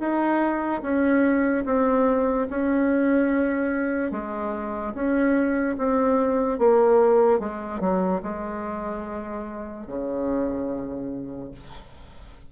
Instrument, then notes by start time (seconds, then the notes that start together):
bassoon
0.00 D#4
0.83 C#4
1.66 C4
2.50 C#4
4.12 G#3
4.94 C#4
5.78 C4
6.59 A#3
7.40 G#3
7.80 F#3
8.23 G#3
9.87 C#3